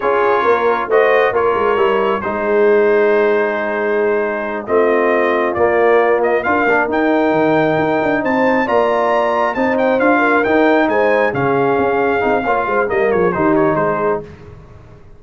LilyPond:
<<
  \new Staff \with { instrumentName = "trumpet" } { \time 4/4 \tempo 4 = 135 cis''2 dis''4 cis''4~ | cis''4 c''2.~ | c''2~ c''8 dis''4.~ | dis''8 d''4. dis''8 f''4 g''8~ |
g''2~ g''8 a''4 ais''8~ | ais''4. a''8 g''8 f''4 g''8~ | g''8 gis''4 f''2~ f''8~ | f''4 dis''8 cis''8 c''8 cis''8 c''4 | }
  \new Staff \with { instrumentName = "horn" } { \time 4/4 gis'4 ais'4 c''4 ais'4~ | ais'4 gis'2.~ | gis'2~ gis'8 f'4.~ | f'2~ f'8 ais'4.~ |
ais'2~ ais'8 c''4 d''8~ | d''4. c''4. ais'4~ | ais'8 c''4 gis'2~ gis'8 | cis''8 c''8 ais'8 gis'8 g'4 gis'4 | }
  \new Staff \with { instrumentName = "trombone" } { \time 4/4 f'2 fis'4 f'4 | e'4 dis'2.~ | dis'2~ dis'8 c'4.~ | c'8 ais2 f'8 d'8 dis'8~ |
dis'2.~ dis'8 f'8~ | f'4. dis'4 f'4 dis'8~ | dis'4. cis'2 dis'8 | f'4 ais4 dis'2 | }
  \new Staff \with { instrumentName = "tuba" } { \time 4/4 cis'4 ais4 a4 ais8 gis8 | g4 gis2.~ | gis2~ gis8 a4.~ | a8 ais2 d'8 ais8 dis'8~ |
dis'8 dis4 dis'8 d'8 c'4 ais8~ | ais4. c'4 d'4 dis'8~ | dis'8 gis4 cis4 cis'4 c'8 | ais8 gis8 g8 f8 dis4 gis4 | }
>>